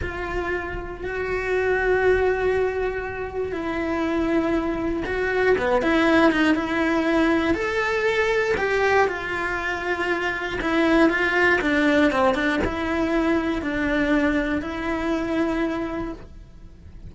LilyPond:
\new Staff \with { instrumentName = "cello" } { \time 4/4 \tempo 4 = 119 f'2 fis'2~ | fis'2. e'4~ | e'2 fis'4 b8 e'8~ | e'8 dis'8 e'2 a'4~ |
a'4 g'4 f'2~ | f'4 e'4 f'4 d'4 | c'8 d'8 e'2 d'4~ | d'4 e'2. | }